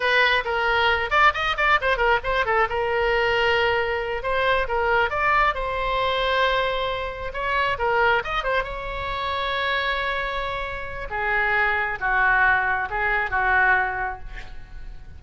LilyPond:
\new Staff \with { instrumentName = "oboe" } { \time 4/4 \tempo 4 = 135 b'4 ais'4. d''8 dis''8 d''8 | c''8 ais'8 c''8 a'8 ais'2~ | ais'4. c''4 ais'4 d''8~ | d''8 c''2.~ c''8~ |
c''8 cis''4 ais'4 dis''8 c''8 cis''8~ | cis''1~ | cis''4 gis'2 fis'4~ | fis'4 gis'4 fis'2 | }